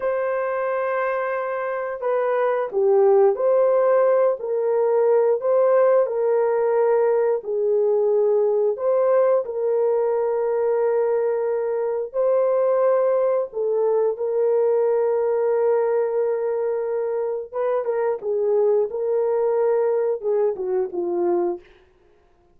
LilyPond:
\new Staff \with { instrumentName = "horn" } { \time 4/4 \tempo 4 = 89 c''2. b'4 | g'4 c''4. ais'4. | c''4 ais'2 gis'4~ | gis'4 c''4 ais'2~ |
ais'2 c''2 | a'4 ais'2.~ | ais'2 b'8 ais'8 gis'4 | ais'2 gis'8 fis'8 f'4 | }